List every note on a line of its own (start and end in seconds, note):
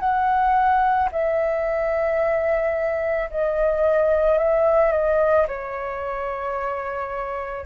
0.00 1.09 F#5
1.12 3.30 E5
3.30 4.38 D#5
4.38 4.92 E5
4.92 5.46 D#5
5.47 7.66 C#5